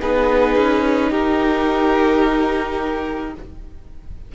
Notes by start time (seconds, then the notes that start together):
0.00 B3 D#4 G#4 B4
0.56 C#4
1.09 D#4 G4 A#4